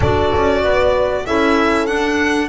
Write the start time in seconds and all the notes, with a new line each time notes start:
0.00 D4 F#4 A4 D5
0.35 C#4
0.63 B3 B4
1.26 C#4 E4 A4 E5
1.86 D4 F#5